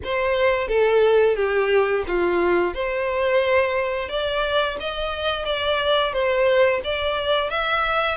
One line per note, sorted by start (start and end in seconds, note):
0.04 0.68 C5
0.68 1.35 A4
1.35 2.04 G4
2.07 2.73 F4
2.73 4.08 C5
4.08 4.77 D5
4.79 5.45 D#5
5.45 6.12 D5
6.12 6.81 C5
6.84 7.49 D5
7.49 8.17 E5